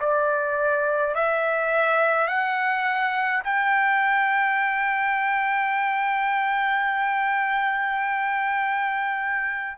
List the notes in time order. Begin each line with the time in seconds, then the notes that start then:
0.00 D5
1.15 E5
2.28 F#5
3.44 G5